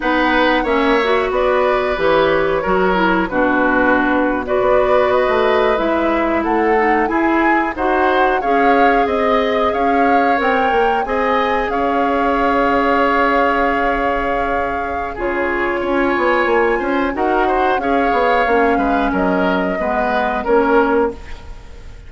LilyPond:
<<
  \new Staff \with { instrumentName = "flute" } { \time 4/4 \tempo 4 = 91 fis''4 e''4 d''4 cis''4~ | cis''4 b'4.~ b'16 d''4 dis''16~ | dis''8. e''4 fis''4 gis''4 fis''16~ | fis''8. f''4 dis''4 f''4 g''16~ |
g''8. gis''4 f''2~ f''16~ | f''2. cis''4 | gis''2 fis''4 f''4~ | f''4 dis''2 cis''4 | }
  \new Staff \with { instrumentName = "oboe" } { \time 4/4 b'4 cis''4 b'2 | ais'4 fis'4.~ fis'16 b'4~ b'16~ | b'4.~ b'16 a'4 gis'4 c''16~ | c''8. cis''4 dis''4 cis''4~ cis''16~ |
cis''8. dis''4 cis''2~ cis''16~ | cis''2. gis'4 | cis''4. c''8 ais'8 c''8 cis''4~ | cis''8 b'8 ais'4 b'4 ais'4 | }
  \new Staff \with { instrumentName = "clarinet" } { \time 4/4 dis'4 cis'8 fis'4. g'4 | fis'8 e'8 d'4.~ d'16 fis'4~ fis'16~ | fis'8. e'4. dis'8 e'4 fis'16~ | fis'8. gis'2. ais'16~ |
ais'8. gis'2.~ gis'16~ | gis'2. f'4~ | f'2 fis'4 gis'4 | cis'2 b4 cis'4 | }
  \new Staff \with { instrumentName = "bassoon" } { \time 4/4 b4 ais4 b4 e4 | fis4 b,2 b4 | a8. gis4 a4 e'4 dis'16~ | dis'8. cis'4 c'4 cis'4 c'16~ |
c'16 ais8 c'4 cis'2~ cis'16~ | cis'2. cis4 | cis'8 b8 ais8 cis'8 dis'4 cis'8 b8 | ais8 gis8 fis4 gis4 ais4 | }
>>